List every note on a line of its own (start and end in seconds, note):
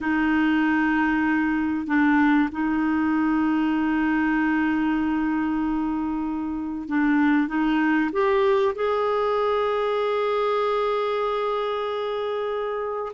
0.00 1.86 D#4
1.86 2.49 D4
2.51 6.88 D#4
6.88 7.48 D4
7.48 8.10 D#4
8.12 8.74 G4
8.75 13.12 G#4